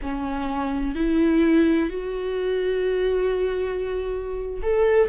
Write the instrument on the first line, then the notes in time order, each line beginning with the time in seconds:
viola
0.02 C#4
0.95 E4
1.89 F#4
4.62 A4